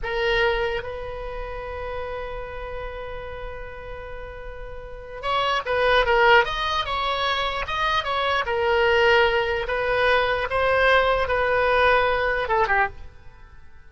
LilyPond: \new Staff \with { instrumentName = "oboe" } { \time 4/4 \tempo 4 = 149 ais'2 b'2~ | b'1~ | b'1~ | b'4 cis''4 b'4 ais'4 |
dis''4 cis''2 dis''4 | cis''4 ais'2. | b'2 c''2 | b'2. a'8 g'8 | }